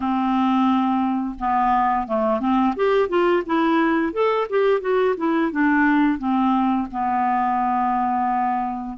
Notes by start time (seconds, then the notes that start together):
0.00 C4
1.39 B3
2.07 A3
2.39 C4
2.76 G4
3.08 F4
3.46 E4
4.12 A4
4.49 G4
4.81 F#4
5.17 E4
5.51 D4
6.18 C4
6.91 B3